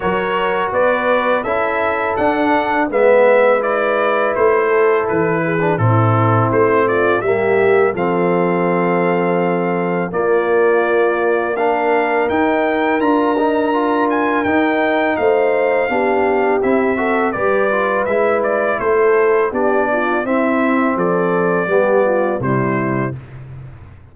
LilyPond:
<<
  \new Staff \with { instrumentName = "trumpet" } { \time 4/4 \tempo 4 = 83 cis''4 d''4 e''4 fis''4 | e''4 d''4 c''4 b'4 | a'4 c''8 d''8 e''4 f''4~ | f''2 d''2 |
f''4 g''4 ais''4. gis''8 | g''4 f''2 e''4 | d''4 e''8 d''8 c''4 d''4 | e''4 d''2 c''4 | }
  \new Staff \with { instrumentName = "horn" } { \time 4/4 ais'4 b'4 a'2 | b'2~ b'8 a'4 gis'8 | e'4. f'8 g'4 a'4~ | a'2 f'2 |
ais'1~ | ais'4 c''4 g'4. a'8 | b'2 a'4 g'8 f'8 | e'4 a'4 g'8 f'8 e'4 | }
  \new Staff \with { instrumentName = "trombone" } { \time 4/4 fis'2 e'4 d'4 | b4 e'2~ e'8. d'16 | c'2 ais4 c'4~ | c'2 ais2 |
d'4 dis'4 f'8 dis'8 f'4 | dis'2 d'4 e'8 fis'8 | g'8 f'8 e'2 d'4 | c'2 b4 g4 | }
  \new Staff \with { instrumentName = "tuba" } { \time 4/4 fis4 b4 cis'4 d'4 | gis2 a4 e4 | a,4 a4 g4 f4~ | f2 ais2~ |
ais4 dis'4 d'2 | dis'4 a4 b4 c'4 | g4 gis4 a4 b4 | c'4 f4 g4 c4 | }
>>